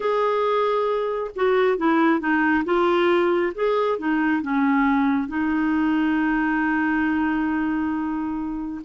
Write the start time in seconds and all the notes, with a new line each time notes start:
0.00 G#4
1.35 F#4
1.77 E4
2.20 D#4
2.64 F4
3.54 G#4
3.98 D#4
4.42 C#4
5.28 D#4